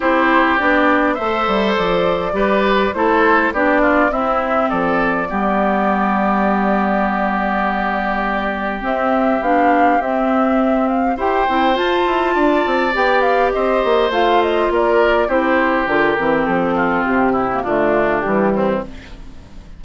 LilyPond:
<<
  \new Staff \with { instrumentName = "flute" } { \time 4/4 \tempo 4 = 102 c''4 d''4 e''4 d''4~ | d''4 c''4 d''4 e''4 | d''1~ | d''2. e''4 |
f''4 e''4. f''8 g''4 | a''2 g''8 f''8 dis''4 | f''8 dis''8 d''4 c''4 ais'4 | a'4 g'4 f'4 g'4 | }
  \new Staff \with { instrumentName = "oboe" } { \time 4/4 g'2 c''2 | b'4 a'4 g'8 f'8 e'4 | a'4 g'2.~ | g'1~ |
g'2. c''4~ | c''4 d''2 c''4~ | c''4 ais'4 g'2~ | g'8 f'4 e'8 d'4. c'8 | }
  \new Staff \with { instrumentName = "clarinet" } { \time 4/4 e'4 d'4 a'2 | g'4 e'4 d'4 c'4~ | c'4 b2.~ | b2. c'4 |
d'4 c'2 g'8 e'8 | f'2 g'2 | f'2 e'4 f'8 c'8~ | c'4.~ c'16 ais16 a4 g4 | }
  \new Staff \with { instrumentName = "bassoon" } { \time 4/4 c'4 b4 a8 g8 f4 | g4 a4 b4 c'4 | f4 g2.~ | g2. c'4 |
b4 c'2 e'8 c'8 | f'8 e'8 d'8 c'8 b4 c'8 ais8 | a4 ais4 c'4 d8 e8 | f4 c4 d4 e4 | }
>>